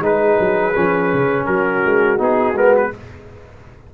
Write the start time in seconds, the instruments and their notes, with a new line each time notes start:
0.00 tuba G#3, trombone D#4, horn G#4, trumpet B4
0.39 tuba F#3
0.75 tuba F3, trombone C#4
1.14 tuba C#3
1.45 tuba F#3, horn F#4, trumpet A#4
1.85 tuba G#3
2.18 tuba B3, trombone D#4, trumpet G#4
2.53 tuba G#3, trombone B3, trumpet A#4
2.76 trumpet B4